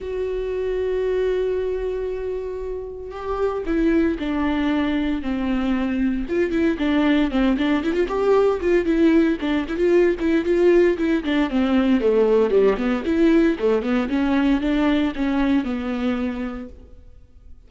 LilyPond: \new Staff \with { instrumentName = "viola" } { \time 4/4 \tempo 4 = 115 fis'1~ | fis'2 g'4 e'4 | d'2 c'2 | f'8 e'8 d'4 c'8 d'8 e'16 f'16 g'8~ |
g'8 f'8 e'4 d'8 e'16 f'8. e'8 | f'4 e'8 d'8 c'4 a4 | g8 b8 e'4 a8 b8 cis'4 | d'4 cis'4 b2 | }